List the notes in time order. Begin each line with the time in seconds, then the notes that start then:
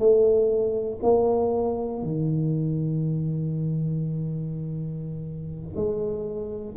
0.00 A3
1.03 A#3
2.03 D#3
5.76 G#3